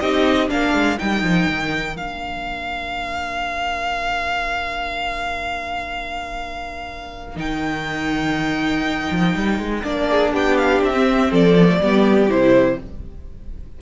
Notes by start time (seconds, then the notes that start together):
0.00 C4 D#4 G4 D#5
0.48 A#3 D4 A#4 F5
0.73 G#3
0.98 G3 D#4 G5
1.22 F3
1.50 D#3
1.97 A#3 D4 F5
7.36 D#3 D#4 G5
9.11 F3
9.35 G3
9.59 G#3
9.83 A#3 D4 D5
10.10 G#4
10.32 B3 G4 G5
10.57 F5
10.81 C4 E5
10.94 C4
11.30 F3 A4 D5
11.60 B3
11.67 A3
11.80 G3 B3 G4
12.29 C3 E4 C5